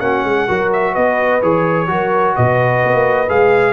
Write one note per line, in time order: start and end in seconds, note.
0.00 0.24 A#3
0.00 0.48 C#4
0.00 0.26 F#4
0.00 0.70 F#5
0.24 0.47 G#3
0.24 0.48 G#4
0.48 0.96 F#3
0.48 1.42 F#4
0.48 0.92 A#4
0.72 0.94 E5
0.92 1.42 B3
0.92 1.86 B4
0.92 1.41 D#5
1.42 1.89 E3
1.42 1.88 G#4
1.42 2.36 C#5
1.88 2.36 F#3
1.88 3.28 F#4
1.88 2.35 A#4
2.35 2.83 B2
2.35 3.73 B4
2.35 3.29 D#5
2.83 2.94 B3
2.94 3.29 A#3
3.28 3.73 G#3
3.28 3.73 G#4
3.28 3.73 F5